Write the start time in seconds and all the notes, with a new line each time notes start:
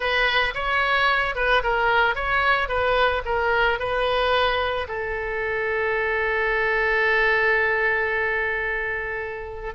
0.00 B4
0.54 C#5
1.35 B4
1.63 A#4
2.15 C#5
2.68 B4
3.25 A#4
3.79 B4
4.87 A4